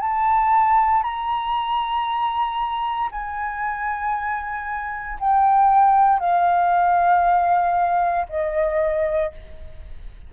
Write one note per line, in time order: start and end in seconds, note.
0.00 1.03 A5
1.03 3.10 A#5
3.12 5.19 G#5
5.20 6.20 G5
6.20 8.27 F5
8.29 9.33 D#5